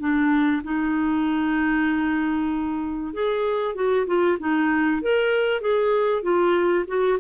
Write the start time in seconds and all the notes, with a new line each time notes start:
0.00 D4
0.64 D#4
3.13 G#4
3.75 F#4
4.07 F4
4.39 D#4
5.02 A#4
5.61 G#4
6.22 F4
6.88 F#4